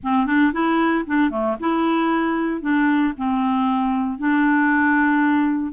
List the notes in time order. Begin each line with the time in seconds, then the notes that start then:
0.03 C4
0.26 D4
0.52 E4
1.06 D4
1.30 A3
1.59 E4
2.61 D4
3.17 C4
4.18 D4